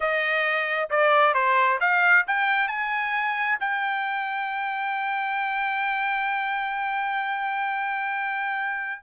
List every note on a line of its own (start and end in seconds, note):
0.00 0.89 D#5
0.90 1.34 D5
1.34 1.79 C5
1.80 2.25 F5
2.27 2.68 G5
2.68 3.58 G#5
3.60 9.01 G5